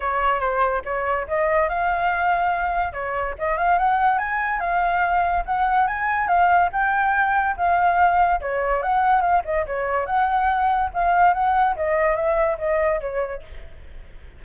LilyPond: \new Staff \with { instrumentName = "flute" } { \time 4/4 \tempo 4 = 143 cis''4 c''4 cis''4 dis''4 | f''2. cis''4 | dis''8 f''8 fis''4 gis''4 f''4~ | f''4 fis''4 gis''4 f''4 |
g''2 f''2 | cis''4 fis''4 f''8 dis''8 cis''4 | fis''2 f''4 fis''4 | dis''4 e''4 dis''4 cis''4 | }